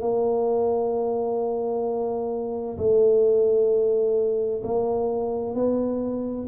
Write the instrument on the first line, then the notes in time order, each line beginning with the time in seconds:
tuba
0.00 A#3
2.77 A3
4.63 A#3
5.54 B3